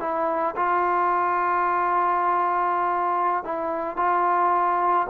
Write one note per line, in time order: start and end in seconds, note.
0.00 0.55 E4
0.57 3.44 F4
3.44 3.97 E4
3.97 5.07 F4